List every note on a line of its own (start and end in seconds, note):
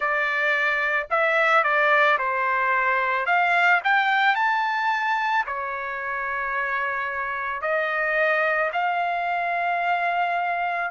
0.00 1.07 D5
1.10 1.63 E5
1.63 2.18 D5
2.18 3.26 C5
3.26 3.80 F5
3.83 4.35 G5
4.35 5.44 A5
5.46 7.61 C#5
7.61 8.70 D#5
8.73 10.90 F5